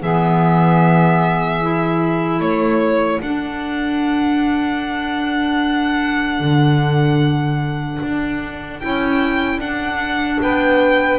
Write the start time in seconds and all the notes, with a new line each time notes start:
0.00 E3 B3 G#4 E5
1.61 E4
2.40 A3 A4 C#5
3.20 D4 F#5
6.40 D3
8.02 D4
8.79 C#4 E4 G5
9.58 D4 F#5
10.41 B3 B4 G5